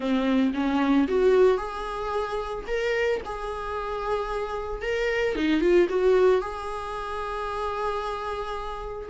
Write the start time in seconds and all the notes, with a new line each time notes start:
0.00 C4
0.54 C#4
1.07 F#4
1.57 G#4
2.67 A#4
3.25 G#4
4.82 A#4
5.35 D#4
5.60 F4
5.89 F#4
6.41 G#4